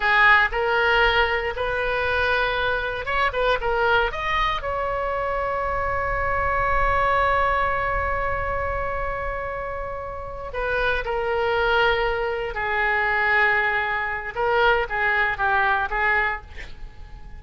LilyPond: \new Staff \with { instrumentName = "oboe" } { \time 4/4 \tempo 4 = 117 gis'4 ais'2 b'4~ | b'2 cis''8 b'8 ais'4 | dis''4 cis''2.~ | cis''1~ |
cis''1~ | cis''8 b'4 ais'2~ ais'8~ | ais'8 gis'2.~ gis'8 | ais'4 gis'4 g'4 gis'4 | }